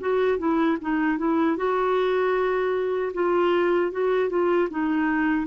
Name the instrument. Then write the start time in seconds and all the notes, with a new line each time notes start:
clarinet
0.00 F#4
0.39 E4
0.81 D#4
1.18 E4
1.57 F#4
3.14 F4
3.92 F#4
4.30 F4
4.70 D#4